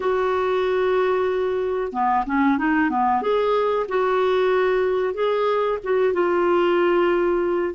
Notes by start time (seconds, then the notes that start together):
0.00 F#4
1.92 B3
2.26 C#4
2.58 D#4
2.90 B3
3.22 G#4
3.88 F#4
5.13 G#4
5.83 F#4
6.13 F4